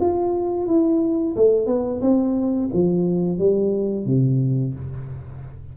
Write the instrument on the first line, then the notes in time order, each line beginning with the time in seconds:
tuba
0.00 F4
0.67 E4
1.36 A3
1.66 B3
2.01 C4
2.73 F3
3.38 G3
4.06 C3